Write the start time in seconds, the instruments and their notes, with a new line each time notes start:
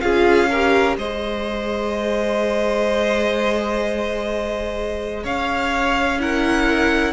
0.00 cello C#4, viola F4, violin G#4 F5
0.49 viola G4, violin A#4
0.97 cello G#3, viola G#4, violin C5 D#5
5.23 cello C#4, violin C#5 F5
6.19 viola E4, violin A#4 F#5